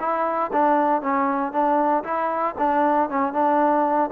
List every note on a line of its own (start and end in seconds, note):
0.00 0.51 E4
0.53 1.02 D4
1.02 1.53 C#4
1.53 2.04 D4
2.04 2.55 E4
2.59 3.10 D4
3.10 3.34 C#4
3.34 4.10 D4